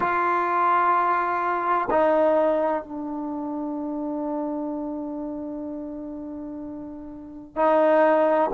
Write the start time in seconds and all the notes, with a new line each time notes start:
0.00 F4
1.90 D#4
2.83 D4
7.55 D#4